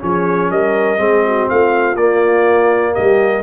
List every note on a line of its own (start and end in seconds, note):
0.00 0.51 F3
0.00 0.98 C#4
0.00 0.51 G#4
0.00 0.51 C#5
0.51 0.99 G3
0.51 1.00 A#4
0.51 1.49 D#5
0.98 1.48 G#3
0.98 1.96 C4
0.98 1.25 G#4
1.26 1.51 F#4
1.50 1.96 A3
1.50 2.94 F4
1.50 1.96 F5
1.96 2.94 A#3
1.96 3.44 A#3
1.96 2.95 D5
2.94 3.44 G3
2.94 3.43 G4
2.94 3.44 D#5